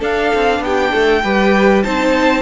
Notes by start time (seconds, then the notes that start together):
0.00 D4 A4 F5
0.35 C4
0.61 B3 G4 G5
0.92 A3 A4
1.24 G3 G4 B4
1.84 C4 D#4 C5 A5